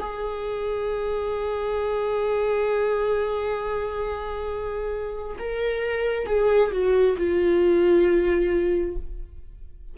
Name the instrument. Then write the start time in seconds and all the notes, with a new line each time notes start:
viola
0.00 G#4
5.39 A#4
6.27 G#4
6.72 F#4
7.17 F4